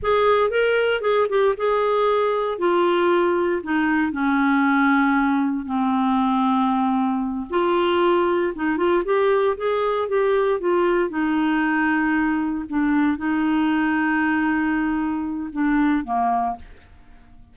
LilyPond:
\new Staff \with { instrumentName = "clarinet" } { \time 4/4 \tempo 4 = 116 gis'4 ais'4 gis'8 g'8 gis'4~ | gis'4 f'2 dis'4 | cis'2. c'4~ | c'2~ c'8 f'4.~ |
f'8 dis'8 f'8 g'4 gis'4 g'8~ | g'8 f'4 dis'2~ dis'8~ | dis'8 d'4 dis'2~ dis'8~ | dis'2 d'4 ais4 | }